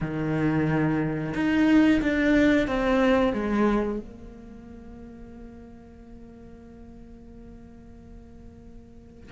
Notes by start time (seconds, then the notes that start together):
0.00 D#3
1.34 D#4
2.01 D4
2.67 C4
3.33 G#3
3.99 A#3